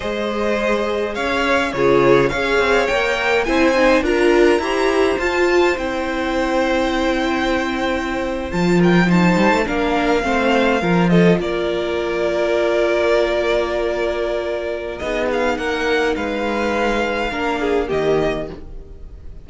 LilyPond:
<<
  \new Staff \with { instrumentName = "violin" } { \time 4/4 \tempo 4 = 104 dis''2 f''4 cis''4 | f''4 g''4 gis''4 ais''4~ | ais''4 a''4 g''2~ | g''2~ g''8. a''8 g''8 a''16~ |
a''8. f''2~ f''8 dis''8 d''16~ | d''1~ | d''2 dis''8 f''8 fis''4 | f''2. dis''4 | }
  \new Staff \with { instrumentName = "violin" } { \time 4/4 c''2 cis''4 gis'4 | cis''2 c''4 ais'4 | c''1~ | c''2.~ c''16 ais'8 c''16~ |
c''8. ais'4 c''4 ais'8 a'8 ais'16~ | ais'1~ | ais'2 gis'4 ais'4 | b'2 ais'8 gis'8 g'4 | }
  \new Staff \with { instrumentName = "viola" } { \time 4/4 gis'2. f'4 | gis'4 ais'4 e'8 dis'8 f'4 | g'4 f'4 e'2~ | e'2~ e'8. f'4 dis'16~ |
dis'8. d'4 c'4 f'4~ f'16~ | f'1~ | f'2 dis'2~ | dis'2 d'4 ais4 | }
  \new Staff \with { instrumentName = "cello" } { \time 4/4 gis2 cis'4 cis4 | cis'8 c'8 ais4 c'4 d'4 | e'4 f'4 c'2~ | c'2~ c'8. f4~ f16~ |
f16 g16 a16 ais4 a4 f4 ais16~ | ais1~ | ais2 b4 ais4 | gis2 ais4 dis4 | }
>>